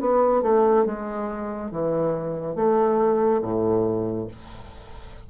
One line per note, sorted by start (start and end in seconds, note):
0.00 0.42 B3
0.42 0.85 A3
0.85 1.71 G#3
1.71 2.56 E3
2.56 3.41 A3
3.42 4.27 A2